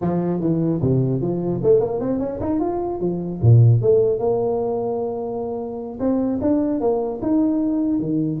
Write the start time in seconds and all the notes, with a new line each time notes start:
0.01 F3
0.40 E3
0.81 C3
1.21 F3
1.63 A3
1.80 A#3
2.00 C4
2.19 C#4
2.40 D#4
2.59 F4
3.00 F3
3.41 A#2
3.81 A3
4.19 A#3
5.99 C4
6.41 D4
6.80 A#3
7.22 D#4
7.99 D#3